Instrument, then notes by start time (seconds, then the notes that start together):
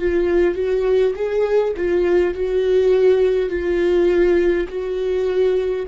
viola
0.00 F4
0.56 F#4
1.16 G#4
1.78 F4
2.35 F#4
3.50 F4
4.69 F#4